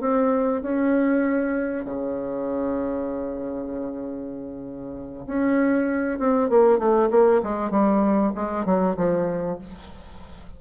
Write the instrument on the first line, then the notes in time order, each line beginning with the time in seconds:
bassoon
0.00 C4
0.62 C#4
1.85 C#3
5.27 C#4
6.19 C4
6.49 A#3
6.78 A3
7.10 A#3
7.43 G#3
7.71 G3
8.35 G#3
8.65 F#3
8.97 F3